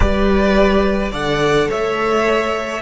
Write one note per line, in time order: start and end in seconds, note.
0.00 1.11 G3
0.00 1.11 G4
0.00 1.11 B4
0.00 1.12 D5
1.11 1.69 D3
1.11 2.81 A4
1.11 1.68 D5
1.11 1.70 F#5
1.69 2.81 A3
1.69 2.81 C#5
1.69 2.81 E5